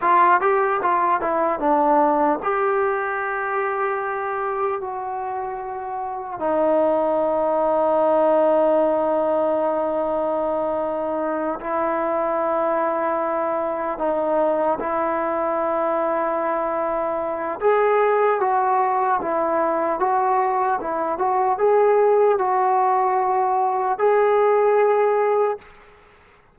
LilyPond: \new Staff \with { instrumentName = "trombone" } { \time 4/4 \tempo 4 = 75 f'8 g'8 f'8 e'8 d'4 g'4~ | g'2 fis'2 | dis'1~ | dis'2~ dis'8 e'4.~ |
e'4. dis'4 e'4.~ | e'2 gis'4 fis'4 | e'4 fis'4 e'8 fis'8 gis'4 | fis'2 gis'2 | }